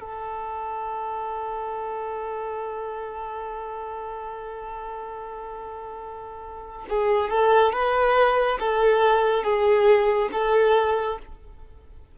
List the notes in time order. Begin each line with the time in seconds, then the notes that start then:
0.00 A4
6.89 G#4
7.30 A4
7.73 B4
8.59 A4
9.44 G#4
10.32 A4